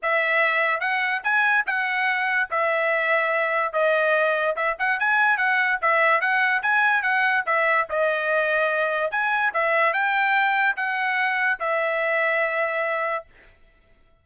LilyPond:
\new Staff \with { instrumentName = "trumpet" } { \time 4/4 \tempo 4 = 145 e''2 fis''4 gis''4 | fis''2 e''2~ | e''4 dis''2 e''8 fis''8 | gis''4 fis''4 e''4 fis''4 |
gis''4 fis''4 e''4 dis''4~ | dis''2 gis''4 e''4 | g''2 fis''2 | e''1 | }